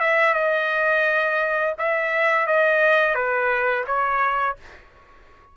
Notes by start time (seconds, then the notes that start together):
0.00 E5
0.34 D#5
1.78 E5
2.47 D#5
3.15 B4
3.87 C#5